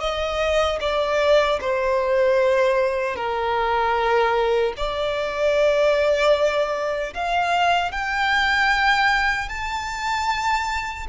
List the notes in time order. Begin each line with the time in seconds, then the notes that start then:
0.00 D#5
0.81 D5
1.61 C5
3.15 A#4
4.77 D5
7.14 F5
7.92 G5
9.49 A5